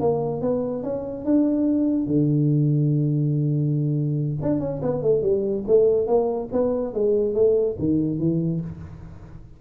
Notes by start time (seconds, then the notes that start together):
0.00 A#3
0.41 B3
0.83 C#4
1.25 D4
2.07 D3
4.42 D4
4.60 C#4
4.82 B3
5.02 A3
5.22 G3
5.67 A3
6.07 A#3
6.52 B3
6.94 G#3
7.34 A3
7.79 D#3
8.18 E3